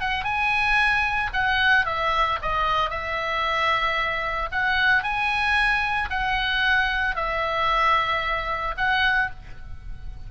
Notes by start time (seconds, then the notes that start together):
0.00 F#5
0.24 G#5
1.33 F#5
1.86 E5
2.42 D#5
2.90 E5
4.52 F#5
5.03 G#5
6.10 F#5
7.16 E5
8.77 F#5